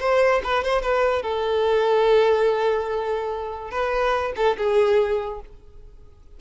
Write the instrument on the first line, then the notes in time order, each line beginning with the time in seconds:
violin
0.00 C5
0.43 B4
0.64 C5
0.82 B4
1.22 A4
3.70 B4
4.36 A4
4.57 G#4